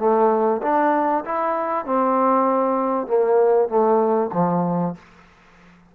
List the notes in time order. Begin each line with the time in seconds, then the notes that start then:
0.00 A3
0.62 D4
1.26 E4
1.86 C4
3.07 A#3
3.69 A3
4.33 F3